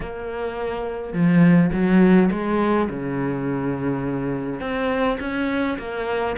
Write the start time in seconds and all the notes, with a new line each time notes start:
0.00 A#3
1.12 F3
1.72 F#3
2.31 G#3
2.89 C#3
4.60 C4
5.19 C#4
5.78 A#3